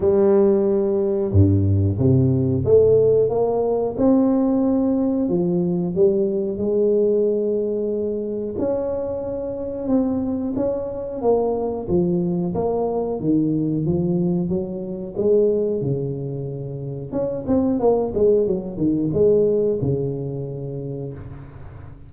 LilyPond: \new Staff \with { instrumentName = "tuba" } { \time 4/4 \tempo 4 = 91 g2 g,4 c4 | a4 ais4 c'2 | f4 g4 gis2~ | gis4 cis'2 c'4 |
cis'4 ais4 f4 ais4 | dis4 f4 fis4 gis4 | cis2 cis'8 c'8 ais8 gis8 | fis8 dis8 gis4 cis2 | }